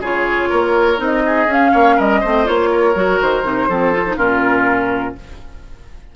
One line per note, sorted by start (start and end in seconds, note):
0.00 0.49 C#3
0.00 0.98 F4
0.00 0.49 G#4
0.00 1.02 C#5
0.49 0.99 A#3
0.49 1.23 A#4
0.98 1.47 C4
0.98 1.47 D#4
0.98 1.53 D#5
1.26 1.72 G#4
1.47 1.71 C#4
1.47 2.24 C#4
1.47 2.00 F5
1.72 1.99 A#3
1.72 1.96 C#5
1.96 2.23 G3
1.96 2.21 A#4
1.96 2.48 D#5
2.21 2.48 A3
2.21 2.46 C4
2.21 2.70 C5
2.46 2.95 A#3
2.46 2.94 F4
2.46 3.21 C#5
2.72 3.69 A#4
2.95 3.20 F#3
2.95 3.44 F#4
3.21 3.44 D#3
3.21 4.18 C5
3.44 3.68 C3
3.44 3.69 D#4
3.69 4.17 F3
3.69 3.93 C4
3.69 4.17 A4
3.93 4.05 F4
4.07 4.18 D#4
4.17 5.15 A#2
4.17 5.16 C#4
4.17 5.14 F4
4.17 5.15 A#4